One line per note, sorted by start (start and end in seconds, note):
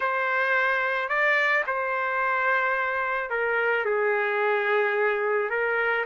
0.00 1.09 C5
1.09 1.64 D5
1.67 3.30 C5
3.30 3.85 A#4
3.85 5.50 G#4
5.50 6.05 A#4